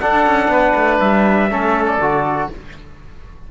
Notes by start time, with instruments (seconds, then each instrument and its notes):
0.00 trombone D4, cello D4, oboe A4, trumpet F#5
0.26 cello C#4
0.48 cello B3, oboe B4
0.74 cello A3
1.00 cello G3, trumpet E5
1.49 cello A3, trombone C#4, oboe A4
1.87 trumpet D5
1.97 cello D3, trombone F#4